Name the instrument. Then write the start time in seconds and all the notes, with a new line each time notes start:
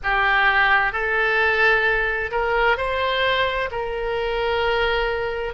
oboe
0.03 G4
0.92 A4
2.31 A#4
2.77 C5
3.71 A#4